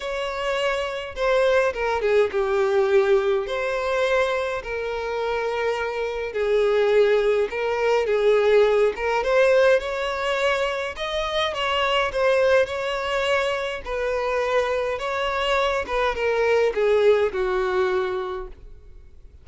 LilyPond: \new Staff \with { instrumentName = "violin" } { \time 4/4 \tempo 4 = 104 cis''2 c''4 ais'8 gis'8 | g'2 c''2 | ais'2. gis'4~ | gis'4 ais'4 gis'4. ais'8 |
c''4 cis''2 dis''4 | cis''4 c''4 cis''2 | b'2 cis''4. b'8 | ais'4 gis'4 fis'2 | }